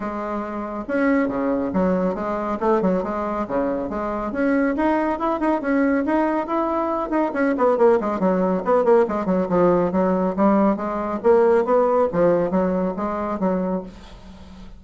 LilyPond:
\new Staff \with { instrumentName = "bassoon" } { \time 4/4 \tempo 4 = 139 gis2 cis'4 cis4 | fis4 gis4 a8 fis8 gis4 | cis4 gis4 cis'4 dis'4 | e'8 dis'8 cis'4 dis'4 e'4~ |
e'8 dis'8 cis'8 b8 ais8 gis8 fis4 | b8 ais8 gis8 fis8 f4 fis4 | g4 gis4 ais4 b4 | f4 fis4 gis4 fis4 | }